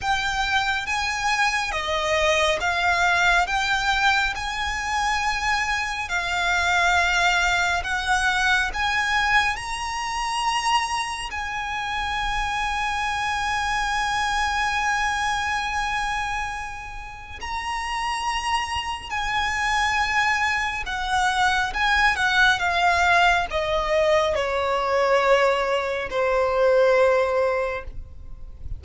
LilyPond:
\new Staff \with { instrumentName = "violin" } { \time 4/4 \tempo 4 = 69 g''4 gis''4 dis''4 f''4 | g''4 gis''2 f''4~ | f''4 fis''4 gis''4 ais''4~ | ais''4 gis''2.~ |
gis''1 | ais''2 gis''2 | fis''4 gis''8 fis''8 f''4 dis''4 | cis''2 c''2 | }